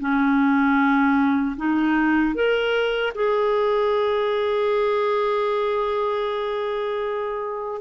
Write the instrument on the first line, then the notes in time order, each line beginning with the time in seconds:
clarinet
0.00 C#4
1.57 D#4
2.35 A#4
3.15 G#4